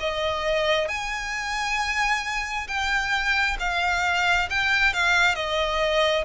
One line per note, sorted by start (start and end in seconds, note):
0.00 0.88 D#5
0.88 2.67 G#5
2.68 3.57 G5
3.59 4.49 F5
4.50 4.93 G5
4.93 5.35 F5
5.35 6.25 D#5